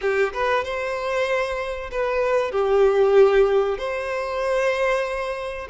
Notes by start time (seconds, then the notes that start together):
0.01 G4
0.33 B4
0.64 C5
1.91 B4
2.51 G4
3.78 C5